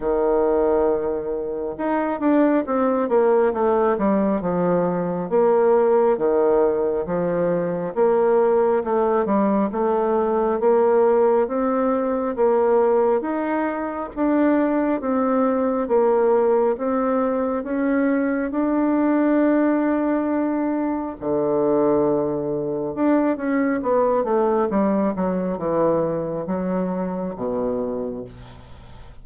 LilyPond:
\new Staff \with { instrumentName = "bassoon" } { \time 4/4 \tempo 4 = 68 dis2 dis'8 d'8 c'8 ais8 | a8 g8 f4 ais4 dis4 | f4 ais4 a8 g8 a4 | ais4 c'4 ais4 dis'4 |
d'4 c'4 ais4 c'4 | cis'4 d'2. | d2 d'8 cis'8 b8 a8 | g8 fis8 e4 fis4 b,4 | }